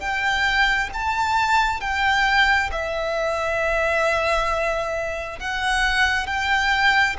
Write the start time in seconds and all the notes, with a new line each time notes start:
0.00 G5
0.94 A5
1.81 G5
2.72 E5
5.40 F#5
6.27 G5